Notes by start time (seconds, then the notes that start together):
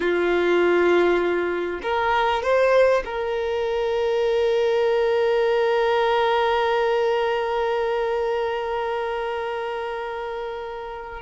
0.00 F4
1.82 A#4
2.42 C5
3.05 A#4